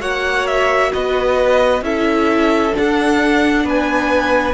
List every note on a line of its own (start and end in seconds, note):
0.00 0.92 A#3
0.00 1.82 F#4
0.00 0.91 C#5
0.00 0.47 F#5
0.47 0.92 E5
0.93 1.82 B3
0.93 1.84 B4
0.93 1.84 D#5
1.82 2.73 C#4
1.82 2.72 E4
1.82 3.65 A4
1.82 2.75 E5
2.72 4.54 D4
2.72 3.68 F#5
2.79 3.64 D4
3.64 4.54 B3
3.64 4.54 B4
3.64 4.54 G#5